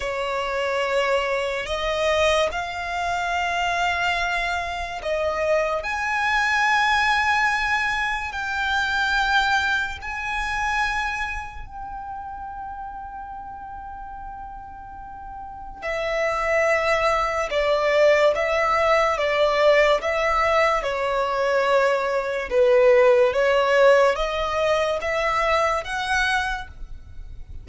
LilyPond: \new Staff \with { instrumentName = "violin" } { \time 4/4 \tempo 4 = 72 cis''2 dis''4 f''4~ | f''2 dis''4 gis''4~ | gis''2 g''2 | gis''2 g''2~ |
g''2. e''4~ | e''4 d''4 e''4 d''4 | e''4 cis''2 b'4 | cis''4 dis''4 e''4 fis''4 | }